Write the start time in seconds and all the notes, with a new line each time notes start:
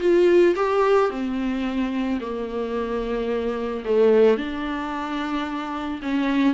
0.00 F4
0.56 G4
1.10 C4
2.20 A#3
3.85 A3
4.37 D4
6.02 C#4